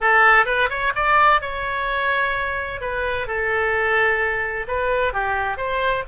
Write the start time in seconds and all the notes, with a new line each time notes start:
0.01 A4
0.45 B4
0.69 C#5
0.95 D5
1.41 C#5
2.81 B4
3.27 A4
4.67 B4
5.13 G4
5.57 C5